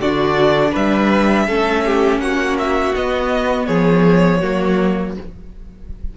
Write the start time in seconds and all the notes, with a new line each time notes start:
0.00 D3 D4 F#4 D5
0.71 G3 B4 E5
1.47 A3 C#4 A4
1.85 G4
2.19 A#3 F#4 F#5
2.59 E5
2.96 B3 D#5
3.67 F3 G#4 C#5
4.40 F#3 A#3 F#4